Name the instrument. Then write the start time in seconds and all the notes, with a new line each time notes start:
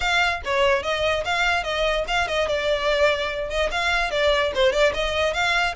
violin
0.00 F5
0.44 C#5
0.82 D#5
1.24 F5
1.63 D#5
2.07 F5
2.27 D#5
2.48 D5
3.49 D#5
3.71 F5
4.10 D5
4.54 C5
4.72 D5
4.94 D#5
5.33 F5